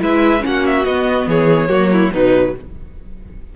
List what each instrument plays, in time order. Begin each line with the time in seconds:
0.00 cello G#3, viola E4, violin B4 E5
0.40 cello A#3, viola C#4, violin F#5
0.46 violin F#4
0.67 violin E5
0.85 cello B3, viola B3, violin D#5
1.27 cello E3, violin G#4 C#5
1.69 cello F#3, viola A#3, violin F#4
1.92 violin E4
2.13 cello B2, viola F#3, violin D#4 B4